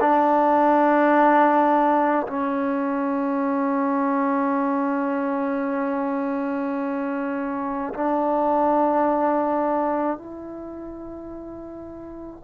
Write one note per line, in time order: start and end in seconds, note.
0.00 2.26 D4
2.27 7.93 C#4
7.93 10.17 D4
10.17 12.43 E4